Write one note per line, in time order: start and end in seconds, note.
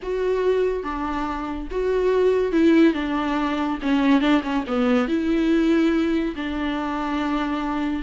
0.02 0.83 F#4
0.83 1.68 D4
1.70 2.52 F#4
2.52 2.93 E4
2.93 3.78 D4
3.82 4.20 C#4
4.20 4.41 D4
4.43 4.64 C#4
4.67 5.07 B3
5.07 6.34 E4
6.35 8.02 D4